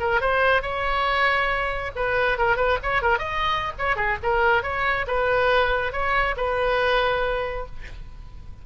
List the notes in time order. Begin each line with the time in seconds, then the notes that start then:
0.00 A#4
0.21 C5
0.62 C#5
1.95 B4
2.38 A#4
2.56 B4
2.83 C#5
3.02 A#4
3.18 D#5
3.78 C#5
3.96 G#4
4.23 A#4
4.63 C#5
5.07 B4
5.92 C#5
6.36 B4